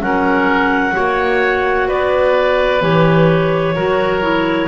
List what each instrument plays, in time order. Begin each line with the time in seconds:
0.00 double bass F#3, clarinet C#4 F#5, oboe A#4
0.92 double bass A#3, clarinet F#4, oboe C#5
1.88 double bass B3, oboe B4, clarinet D5
2.81 double bass E3, clarinet G4 C#5
3.75 double bass F#3, clarinet F#4, oboe A#4
4.21 clarinet E4